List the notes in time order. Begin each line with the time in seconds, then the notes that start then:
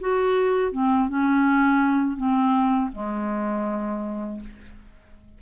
0.00 F#4
0.72 C4
1.08 C#4
2.17 C4
2.92 G#3